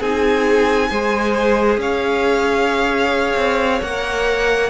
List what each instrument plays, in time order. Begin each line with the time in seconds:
0.00 cello C4, viola D#4, violin G#4 G#5
0.90 cello G#3, viola G#4, violin C5
1.78 cello C#4, violin C#5 F5
3.37 cello C4
3.82 cello A#3, viola A#4, violin F#5